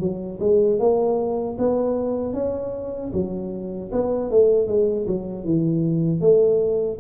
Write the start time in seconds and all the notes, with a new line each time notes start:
0.00 F#3
0.40 G#3
0.79 A#3
1.59 B3
2.34 C#4
3.13 F#3
3.92 B3
4.31 A3
4.68 G#3
5.07 F#3
5.45 E3
6.21 A3